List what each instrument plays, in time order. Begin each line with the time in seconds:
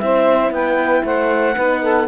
0.00 cello C4, horn E4, saxophone C5, clarinet E5
0.51 cello B3, saxophone B4, clarinet G5
1.04 cello A3, saxophone C5, clarinet F#5
1.56 cello B3, horn D#4, saxophone B4
1.83 saxophone A4